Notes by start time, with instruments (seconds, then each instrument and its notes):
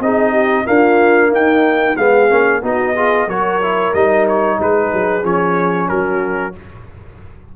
0.00 tuba C4, trombone D#4, horn G#4, trumpet D#5
0.31 horn G4
0.65 trombone A#3, tuba D4, horn F4, trumpet F5
1.30 horn D#4, tuba D#4, trumpet G5
1.97 tuba G#3, trombone B3, horn G#4, trumpet F5
2.29 tuba A#3, trombone C#4
2.62 tuba B3, trombone D#4, horn F#4, trumpet D#5
2.95 trombone F4, horn G#4
3.27 tuba F#3, trombone F#4, horn A#4, trumpet C#5
3.62 trombone E4
3.93 tuba G3, trombone D#4, trumpet D#5
4.28 trumpet C#5
4.59 tuba G#3, horn G#4, trumpet B4
4.93 tuba F#3
5.23 tuba F3, trombone C#4, trumpet C#5
5.89 tuba F#3, horn F#4, trumpet A#4